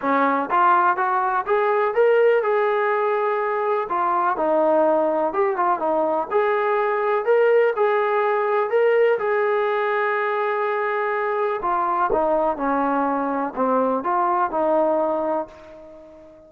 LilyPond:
\new Staff \with { instrumentName = "trombone" } { \time 4/4 \tempo 4 = 124 cis'4 f'4 fis'4 gis'4 | ais'4 gis'2. | f'4 dis'2 g'8 f'8 | dis'4 gis'2 ais'4 |
gis'2 ais'4 gis'4~ | gis'1 | f'4 dis'4 cis'2 | c'4 f'4 dis'2 | }